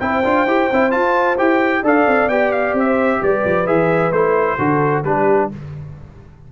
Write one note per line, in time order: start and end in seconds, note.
0.00 0.24 C4
0.00 0.24 E4
0.00 1.83 C5
0.00 0.92 G5
0.24 0.47 D4
0.24 0.47 F4
0.47 0.70 E4
0.47 0.71 G4
0.72 0.95 C4
0.72 0.91 E4
0.91 1.37 F4
0.91 1.40 F4
0.91 1.37 A5
1.38 1.83 E4
1.38 1.84 G4
1.38 1.85 G5
1.83 2.06 D4
1.83 2.30 A4
1.83 2.85 D5
1.83 2.29 F5
2.08 2.29 C4
2.29 2.74 B3
2.29 3.67 G4
2.29 2.52 G5
2.52 2.75 F5
2.74 3.19 C4
2.80 3.19 C5
2.80 3.23 E5
3.22 3.45 G3
3.22 4.58 B4
3.22 3.67 D5
3.46 3.68 F3
3.67 4.12 E3
3.67 4.13 G#4
3.67 4.13 E5
4.12 4.58 A3
4.12 4.59 E4
4.12 5.04 C5
4.58 5.05 D3
4.58 5.05 F#4
4.58 5.04 A4
5.04 5.50 G3
5.04 5.52 D4
5.04 5.53 G4
5.04 5.50 B4